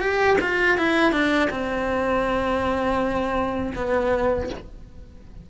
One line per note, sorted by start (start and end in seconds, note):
0.00 0.37 G4
0.41 0.77 F4
0.77 1.12 E4
1.12 1.49 D4
1.50 3.72 C4
3.75 4.49 B3